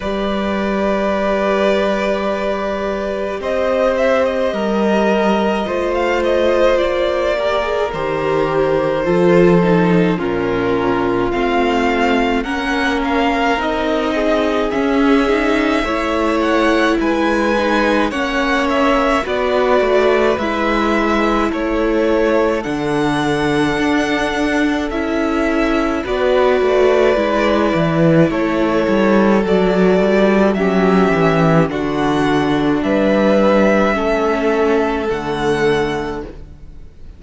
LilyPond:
<<
  \new Staff \with { instrumentName = "violin" } { \time 4/4 \tempo 4 = 53 d''2. dis''8 e''16 dis''16~ | dis''4~ dis''16 f''16 dis''8 d''4 c''4~ | c''4 ais'4 f''4 fis''8 f''8 | dis''4 e''4. fis''8 gis''4 |
fis''8 e''8 d''4 e''4 cis''4 | fis''2 e''4 d''4~ | d''4 cis''4 d''4 e''4 | fis''4 e''2 fis''4 | }
  \new Staff \with { instrumentName = "violin" } { \time 4/4 b'2. c''4 | ais'4 c''4. ais'4. | a'4 f'2 ais'4~ | ais'8 gis'4. cis''4 b'4 |
cis''4 b'2 a'4~ | a'2. b'4~ | b'4 a'2 g'4 | fis'4 b'4 a'2 | }
  \new Staff \with { instrumentName = "viola" } { \time 4/4 g'1~ | g'4 f'4. g'16 gis'16 g'4 | f'8 dis'8 cis'4 c'4 cis'4 | dis'4 cis'8 dis'8 e'4. dis'8 |
cis'4 fis'4 e'2 | d'2 e'4 fis'4 | e'2 fis'4 cis'4 | d'2 cis'4 a4 | }
  \new Staff \with { instrumentName = "cello" } { \time 4/4 g2. c'4 | g4 a4 ais4 dis4 | f4 ais,4 a4 ais4 | c'4 cis'4 a4 gis4 |
ais4 b8 a8 gis4 a4 | d4 d'4 cis'4 b8 a8 | gis8 e8 a8 g8 fis8 g8 fis8 e8 | d4 g4 a4 d4 | }
>>